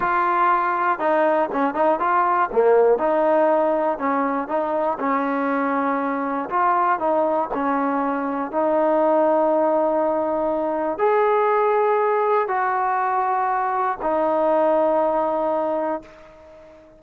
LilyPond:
\new Staff \with { instrumentName = "trombone" } { \time 4/4 \tempo 4 = 120 f'2 dis'4 cis'8 dis'8 | f'4 ais4 dis'2 | cis'4 dis'4 cis'2~ | cis'4 f'4 dis'4 cis'4~ |
cis'4 dis'2.~ | dis'2 gis'2~ | gis'4 fis'2. | dis'1 | }